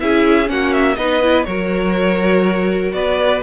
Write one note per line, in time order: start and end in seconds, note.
0.00 0.49 C#4
0.00 0.46 E4
0.00 0.51 G#4
0.00 0.49 E5
0.46 0.97 A#3
0.46 0.95 C#4
0.46 0.73 F#5
0.52 0.97 F#4
0.73 0.96 E5
0.96 1.46 B3
0.96 1.22 D#4
0.96 1.46 B4
0.96 1.44 D#5
1.22 1.47 E4
1.44 2.93 F#3
1.44 3.43 F#4
1.44 2.95 A#4
1.44 2.92 C#5
2.93 3.42 B3
2.93 3.43 B4
2.93 3.42 D5